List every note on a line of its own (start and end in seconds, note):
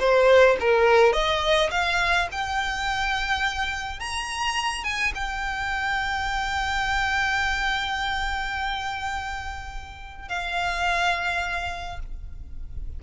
0.00 0.57 C5
0.61 1.13 A#4
1.13 1.70 D#5
1.71 2.28 F5
2.32 4.00 G5
4.00 4.84 A#5
4.84 5.13 G#5
5.15 10.29 G5
10.29 12.00 F5